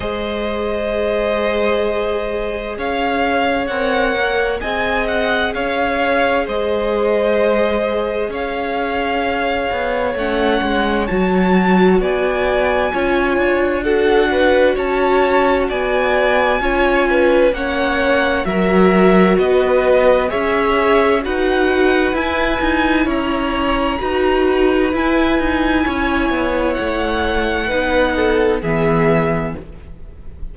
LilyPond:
<<
  \new Staff \with { instrumentName = "violin" } { \time 4/4 \tempo 4 = 65 dis''2. f''4 | fis''4 gis''8 fis''8 f''4 dis''4~ | dis''4 f''2 fis''4 | a''4 gis''2 fis''4 |
a''4 gis''2 fis''4 | e''4 dis''4 e''4 fis''4 | gis''4 ais''2 gis''4~ | gis''4 fis''2 e''4 | }
  \new Staff \with { instrumentName = "violin" } { \time 4/4 c''2. cis''4~ | cis''4 dis''4 cis''4 c''4~ | c''4 cis''2.~ | cis''4 d''4 cis''4 a'8 b'8 |
cis''4 d''4 cis''8 b'8 cis''4 | ais'4 b'4 cis''4 b'4~ | b'4 cis''4 b'2 | cis''2 b'8 a'8 gis'4 | }
  \new Staff \with { instrumentName = "viola" } { \time 4/4 gis'1 | ais'4 gis'2.~ | gis'2. cis'4 | fis'2 f'4 fis'4~ |
fis'2 f'4 cis'4 | fis'2 gis'4 fis'4 | e'2 fis'4 e'4~ | e'2 dis'4 b4 | }
  \new Staff \with { instrumentName = "cello" } { \time 4/4 gis2. cis'4 | c'8 ais8 c'4 cis'4 gis4~ | gis4 cis'4. b8 a8 gis8 | fis4 b4 cis'8 d'4. |
cis'4 b4 cis'4 ais4 | fis4 b4 cis'4 dis'4 | e'8 dis'8 cis'4 dis'4 e'8 dis'8 | cis'8 b8 a4 b4 e4 | }
>>